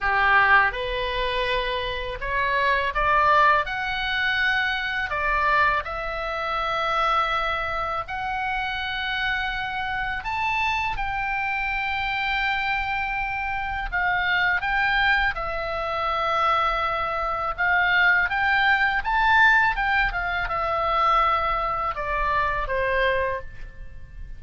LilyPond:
\new Staff \with { instrumentName = "oboe" } { \time 4/4 \tempo 4 = 82 g'4 b'2 cis''4 | d''4 fis''2 d''4 | e''2. fis''4~ | fis''2 a''4 g''4~ |
g''2. f''4 | g''4 e''2. | f''4 g''4 a''4 g''8 f''8 | e''2 d''4 c''4 | }